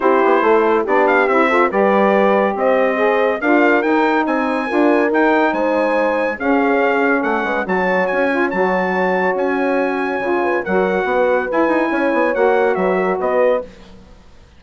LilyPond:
<<
  \new Staff \with { instrumentName = "trumpet" } { \time 4/4 \tempo 4 = 141 c''2 d''8 f''8 e''4 | d''2 dis''2 | f''4 g''4 gis''2 | g''4 gis''2 f''4~ |
f''4 fis''4 a''4 gis''4 | a''2 gis''2~ | gis''4 fis''2 gis''4~ | gis''4 fis''4 e''4 dis''4 | }
  \new Staff \with { instrumentName = "horn" } { \time 4/4 g'4 a'4 g'4. a'8 | b'2 c''2 | ais'2 c''4 ais'4~ | ais'4 c''2 gis'4~ |
gis'4 a'8 b'8 cis''2~ | cis''1~ | cis''8 b'8 ais'4 b'2 | cis''2 b'8 ais'8 b'4 | }
  \new Staff \with { instrumentName = "saxophone" } { \time 4/4 e'2 d'4 e'8 f'8 | g'2. gis'4 | f'4 dis'2 f'4 | dis'2. cis'4~ |
cis'2 fis'4. f'8 | fis'1 | f'4 fis'2 e'4~ | e'4 fis'2. | }
  \new Staff \with { instrumentName = "bassoon" } { \time 4/4 c'8 b8 a4 b4 c'4 | g2 c'2 | d'4 dis'4 c'4 d'4 | dis'4 gis2 cis'4~ |
cis'4 a8 gis8 fis4 cis'4 | fis2 cis'2 | cis4 fis4 b4 e'8 dis'8 | cis'8 b8 ais4 fis4 b4 | }
>>